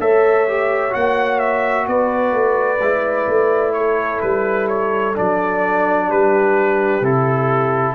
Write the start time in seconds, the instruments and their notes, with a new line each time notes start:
0.00 tuba A3, trombone A4, horn C#5, trumpet E5
0.48 trombone G4
0.91 tuba A#3, trombone F#4, trumpet F#5
1.40 trumpet E5
1.87 tuba B3, horn B4, trumpet D5
2.33 tuba A3
2.80 tuba G#3, trombone E4
3.27 tuba A3
3.74 horn A4, trumpet C#5
4.21 tuba G3, trumpet B4
4.69 trumpet C#5
5.15 tuba F#3, trombone D4, trumpet D5
6.08 tuba G3, horn G4, trumpet B4
7.01 tuba C3, trombone E4, trumpet A4